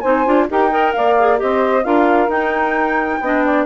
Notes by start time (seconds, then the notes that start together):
0.00 C4 D#4 C5 G#5
0.25 D4 F4
0.49 D#4 G4 A#4 G5
0.70 A#4 D#5
0.93 A#3 D5 F5
1.19 G#4
1.37 C4 G4 C5 D#5
1.84 D4 F4 A#4 F5
2.28 D#4 G5
3.20 B3 D4 D#5
3.45 D5